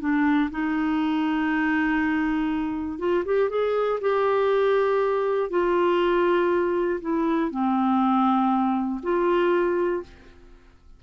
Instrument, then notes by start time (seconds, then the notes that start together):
clarinet
0.00 D4
0.51 D#4
2.99 F4
3.25 G4
3.50 G#4
4.01 G4
5.50 F4
7.01 E4
7.51 C4
9.03 F4